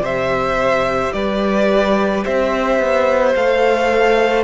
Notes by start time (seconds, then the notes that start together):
0.00 C3 C5 E5
0.07 G4
1.13 G3 B4 D5
2.25 C4 C5 E5
2.79 B3
3.36 A3 A4 F5